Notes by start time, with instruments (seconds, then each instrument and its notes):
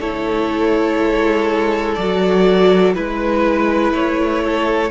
0.00 cello A3, viola E4, violin A4 C#5
0.98 cello G#3
1.95 cello F#3, viola F#4, violin D5
2.95 cello G#3, viola E4, violin B4
3.92 cello A3, violin C#5
4.44 violin A4